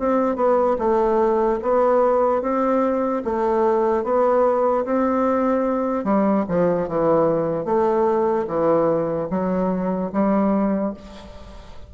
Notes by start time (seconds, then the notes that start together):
0.00 C4
0.36 B3
0.79 A3
1.63 B3
2.42 C4
3.25 A3
4.04 B3
4.85 C4
6.04 G3
6.49 F3
6.88 E3
7.65 A3
8.48 E3
9.31 F#3
10.13 G3